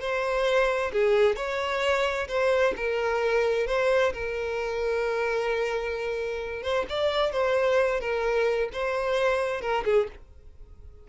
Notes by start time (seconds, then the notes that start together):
0.00 C5
0.92 G#4
1.36 C#5
2.28 C5
2.76 A#4
3.67 C5
4.13 A#4
6.63 C5
6.89 D5
7.32 C5
8.00 A#4
8.73 C5
9.61 A#4
9.85 G#4